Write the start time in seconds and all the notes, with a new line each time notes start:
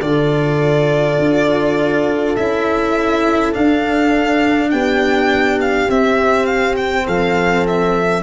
0.00 D3 F4 A4 D5
1.18 D4
2.36 C#4 E4 E5
3.52 D4 F5
4.70 B3 G4 G5
5.61 F5
5.88 C4 E5
6.45 F5
6.76 G5
7.05 F3 A4 F5
7.67 E5